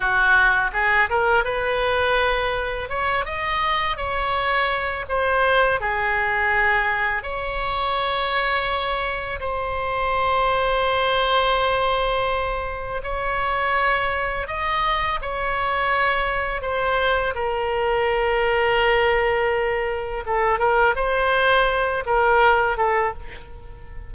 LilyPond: \new Staff \with { instrumentName = "oboe" } { \time 4/4 \tempo 4 = 83 fis'4 gis'8 ais'8 b'2 | cis''8 dis''4 cis''4. c''4 | gis'2 cis''2~ | cis''4 c''2.~ |
c''2 cis''2 | dis''4 cis''2 c''4 | ais'1 | a'8 ais'8 c''4. ais'4 a'8 | }